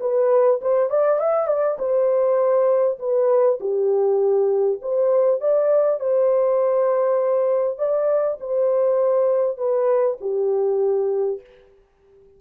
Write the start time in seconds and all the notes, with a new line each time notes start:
0.00 B4
0.62 C5
0.90 D5
1.19 E5
1.48 D5
1.79 C5
2.99 B4
3.60 G4
4.82 C5
5.41 D5
6.00 C5
7.78 D5
8.40 C5
9.58 B4
10.21 G4